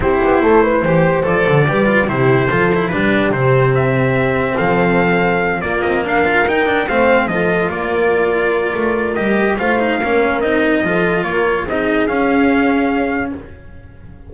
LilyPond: <<
  \new Staff \with { instrumentName = "trumpet" } { \time 4/4 \tempo 4 = 144 c''2. d''4~ | d''4 c''2 b'4 | c''4 e''2 f''4~ | f''4. d''8 dis''8 f''4 g''8~ |
g''8 f''4 dis''4 d''4.~ | d''2 dis''4 f''4~ | f''4 dis''2 cis''4 | dis''4 f''2. | }
  \new Staff \with { instrumentName = "horn" } { \time 4/4 g'4 a'8 b'8 c''2 | b'4 g'4 a'4 g'4~ | g'2. a'4~ | a'4. f'4 ais'4.~ |
ais'8 c''4 a'4 ais'4.~ | ais'2. c''4 | ais'2 a'4 ais'4 | gis'1 | }
  \new Staff \with { instrumentName = "cello" } { \time 4/4 e'2 g'4 a'4 | g'8 f'8 e'4 f'8 e'8 d'4 | c'1~ | c'4. ais4. f'8 dis'8 |
d'8 c'4 f'2~ f'8~ | f'2 g'4 f'8 dis'8 | cis'4 dis'4 f'2 | dis'4 cis'2. | }
  \new Staff \with { instrumentName = "double bass" } { \time 4/4 c'8 b8 a4 e4 f8 d8 | g4 c4 f4 g4 | c2. f4~ | f4. ais8 c'8 d'4 dis'8~ |
dis'8 a4 f4 ais4.~ | ais4 a4 g4 a4 | ais4 c'4 f4 ais4 | c'4 cis'2. | }
>>